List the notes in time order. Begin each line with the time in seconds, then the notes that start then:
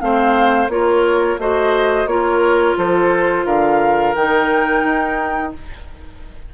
0.00 A3 C4 C5 F5
0.69 A#3 F4 A#4 C#5
1.39 A3 F#4 C5 D#5
2.06 A#3 F4 A#4 C#5
2.77 F3 A4 C5
3.45 D3 A#4 F5
4.15 D#3 D#4 G5
4.84 D#4